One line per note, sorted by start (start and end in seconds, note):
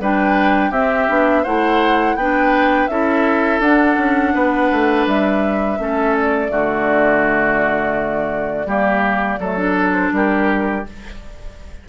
0.00 0.71 G3
0.00 0.73 D4
0.00 0.71 B4
0.00 0.73 G5
0.71 1.07 C4
0.71 1.09 C4
0.71 1.43 G4
0.71 1.44 E5
1.09 1.45 B3
1.09 1.45 D4
1.43 2.16 A3
1.43 2.18 E4
1.43 2.16 C5
1.43 2.16 F#5
2.16 2.88 B3
2.16 2.91 D4
2.16 2.91 B4
2.16 2.88 G5
2.88 3.60 C#4
2.88 3.63 E4
2.88 4.34 A4
2.88 3.60 E5
3.60 3.96 D4
3.60 5.78 D4
3.60 5.06 F#5
3.97 4.34 C#4
4.34 4.71 B3
4.34 5.79 B4
4.72 5.07 A3
5.07 5.79 G3
5.07 6.16 E5
5.78 6.50 A3
5.78 6.49 C#4
5.78 6.52 A4
6.16 9.93 D5
6.49 8.66 D3
6.49 8.66 A3
6.49 8.67 F#4
8.66 9.38 G3
8.66 9.40 A#3
8.66 9.40 G4
9.39 10.12 F#3
9.39 9.58 A3
9.39 10.13 A4
9.58 10.84 D4
9.93 10.11 C5
10.12 10.85 G3
10.12 10.89 G4
10.12 10.86 A#4